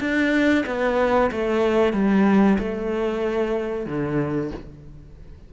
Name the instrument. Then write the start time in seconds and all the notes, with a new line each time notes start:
cello
0.00 D4
0.66 B3
1.31 A3
1.93 G3
2.58 A3
3.86 D3